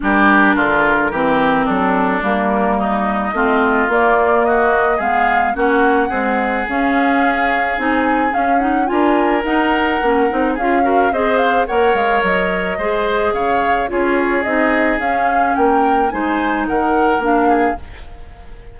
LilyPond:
<<
  \new Staff \with { instrumentName = "flute" } { \time 4/4 \tempo 4 = 108 ais'2. a'4 | ais'4 dis''2 d''4 | dis''4 f''4 fis''2 | f''2 gis''4 f''8 fis''8 |
gis''4 fis''2 f''4 | dis''8 f''8 fis''8 f''8 dis''2 | f''4 cis''4 dis''4 f''4 | g''4 gis''4 fis''4 f''4 | }
  \new Staff \with { instrumentName = "oboe" } { \time 4/4 g'4 f'4 g'4 d'4~ | d'4 dis'4 f'2 | fis'4 gis'4 fis'4 gis'4~ | gis'1 |
ais'2. gis'8 ais'8 | c''4 cis''2 c''4 | cis''4 gis'2. | ais'4 c''4 ais'4. gis'8 | }
  \new Staff \with { instrumentName = "clarinet" } { \time 4/4 d'2 c'2 | ais2 c'4 ais4~ | ais4 b4 cis'4 gis4 | cis'2 dis'4 cis'8 dis'8 |
f'4 dis'4 cis'8 dis'8 f'8 fis'8 | gis'4 ais'2 gis'4~ | gis'4 f'4 dis'4 cis'4~ | cis'4 dis'2 d'4 | }
  \new Staff \with { instrumentName = "bassoon" } { \time 4/4 g4 d4 e4 fis4 | g2 a4 ais4~ | ais4 gis4 ais4 c'4 | cis'2 c'4 cis'4 |
d'4 dis'4 ais8 c'8 cis'4 | c'4 ais8 gis8 fis4 gis4 | cis4 cis'4 c'4 cis'4 | ais4 gis4 dis4 ais4 | }
>>